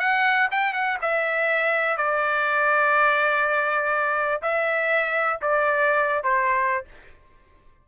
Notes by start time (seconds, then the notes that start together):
0.00 F#5
0.52 G5
0.74 F#5
1.02 E5
1.98 D5
4.43 E5
5.42 D5
6.24 C5